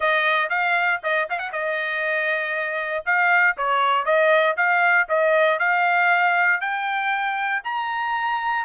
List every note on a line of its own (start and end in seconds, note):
0.00 0.49 D#5
0.49 1.00 F5
1.03 1.28 D#5
1.29 1.38 F5
1.38 1.51 F#5
1.52 3.04 D#5
3.05 3.56 F5
3.57 4.05 C#5
4.05 4.56 D#5
4.56 5.07 F5
5.08 5.59 D#5
5.59 6.61 F5
6.61 7.62 G5
7.64 8.65 A#5